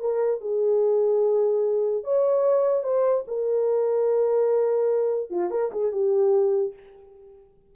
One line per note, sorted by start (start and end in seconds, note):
0.00 0.41 A#4
0.41 2.04 G#4
2.04 2.84 C#5
2.84 3.24 C5
3.28 5.31 A#4
5.31 5.51 F4
5.51 5.71 A#4
5.72 5.92 G#4
5.92 6.74 G4